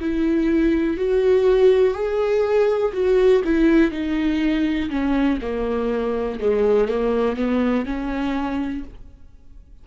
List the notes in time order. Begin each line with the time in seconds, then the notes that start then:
0.00 E4
0.97 F#4
1.94 G#4
2.93 F#4
3.45 E4
3.91 D#4
4.90 C#4
5.41 A#3
6.40 G#3
6.88 A#3
7.36 B3
7.86 C#4